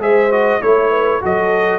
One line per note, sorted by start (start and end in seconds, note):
0.00 0.60 G#3
0.00 0.30 G#4
0.00 0.62 C5
0.00 0.32 E5
0.31 0.61 F#4
0.31 0.62 D#5
0.62 1.23 A3
0.62 1.21 E4
0.62 1.22 C#5
0.62 0.91 C#5
0.91 1.21 B4
1.21 1.80 F#3
1.21 1.80 F#4
1.21 1.80 A4
1.21 1.80 D#5